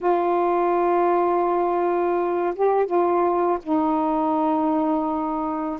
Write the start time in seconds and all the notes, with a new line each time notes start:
0.00 F4
2.55 G4
2.86 F4
3.62 D#4